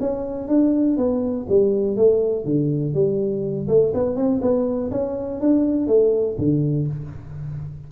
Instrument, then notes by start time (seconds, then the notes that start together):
tuba
0.00 C#4
0.48 D4
0.97 B3
1.49 G3
1.96 A3
2.45 D3
2.94 G3
3.68 A3
3.94 B3
4.16 C4
4.42 B3
4.91 C#4
5.41 D4
5.87 A3
6.38 D3